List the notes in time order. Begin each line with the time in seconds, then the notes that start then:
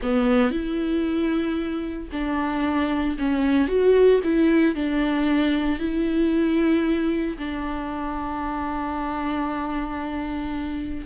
0.02 B3
0.50 E4
2.11 D4
3.18 C#4
3.68 F#4
4.23 E4
4.75 D4
5.79 E4
7.38 D4